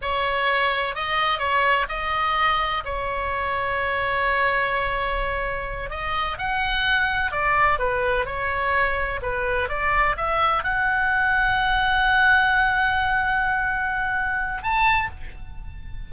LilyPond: \new Staff \with { instrumentName = "oboe" } { \time 4/4 \tempo 4 = 127 cis''2 dis''4 cis''4 | dis''2 cis''2~ | cis''1~ | cis''8 dis''4 fis''2 d''8~ |
d''8 b'4 cis''2 b'8~ | b'8 d''4 e''4 fis''4.~ | fis''1~ | fis''2. a''4 | }